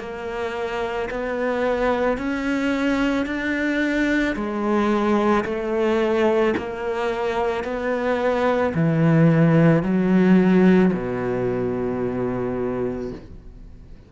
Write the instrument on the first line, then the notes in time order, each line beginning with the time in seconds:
cello
0.00 A#3
1.11 B3
2.18 C#4
3.26 D4
4.36 G#3
5.45 A3
6.58 A#3
7.64 B3
8.75 E3
9.83 F#3
10.94 B2